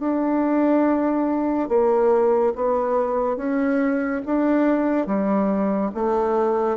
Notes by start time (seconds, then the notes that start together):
0.00 D4
1.69 A#3
2.55 B3
3.37 C#4
4.26 D4
5.07 G3
5.95 A3